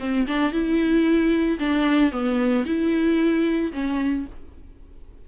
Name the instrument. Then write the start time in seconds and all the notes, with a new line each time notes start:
viola
0.00 C4
0.28 D4
0.52 E4
1.59 D4
2.12 B3
2.65 E4
3.73 C#4